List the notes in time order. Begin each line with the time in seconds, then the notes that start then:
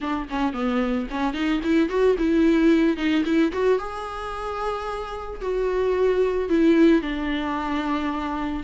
0.00 D4
0.29 C#4
0.53 B3
1.10 C#4
1.33 D#4
1.63 E4
1.89 F#4
2.18 E4
2.97 D#4
3.24 E4
3.52 F#4
3.78 G#4
5.41 F#4
6.49 E4
7.01 D4